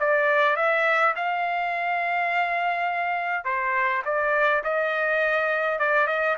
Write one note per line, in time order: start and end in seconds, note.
0.00 0.56 D5
0.56 1.15 E5
1.16 3.45 F5
3.45 4.03 C5
4.05 4.63 D5
4.64 5.79 D#5
5.79 6.07 D5
6.07 6.37 D#5